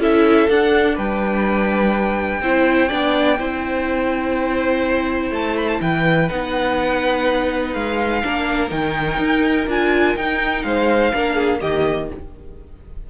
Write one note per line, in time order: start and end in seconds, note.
0.00 0.48 C#4
0.00 0.49 E4
0.00 0.96 A4
0.00 0.50 E5
0.49 2.42 D4
0.49 0.98 D4
0.49 0.98 F#5
0.96 2.42 G3
0.96 2.41 B4
0.96 5.33 G5
2.42 2.90 C4
2.42 2.89 E4
2.42 2.89 C5
2.89 3.40 B3
2.89 3.38 D4
2.89 3.38 D5
3.39 5.31 C4
3.39 6.29 E4
3.39 5.81 C5
5.31 5.80 A3
5.31 5.57 A5
5.57 5.68 B5
5.68 5.81 A5
5.82 6.30 E3
5.82 8.24 B4
5.82 6.29 G5
6.29 7.75 B3
6.29 8.22 D#4
6.29 7.74 F#5
7.74 8.24 G#3
7.74 8.71 F5
8.23 8.71 A#3
8.23 8.70 D4
8.23 10.66 A#4
8.70 9.19 D#3
8.70 9.66 D#4
8.70 9.68 G5
9.19 9.67 D#4
9.68 10.16 D4
9.68 10.18 F4
9.68 10.17 G#5
10.17 10.65 D#4
10.17 11.13 D#4
10.17 10.63 G5
10.63 11.13 G#3
10.63 11.14 C5
10.63 11.60 F5
11.13 11.62 A#3
11.13 11.61 D4
11.13 11.35 A#4
11.35 11.59 G#4
11.61 12.11 D#3
11.61 12.09 A#3
11.61 12.09 G4
11.61 12.09 D#5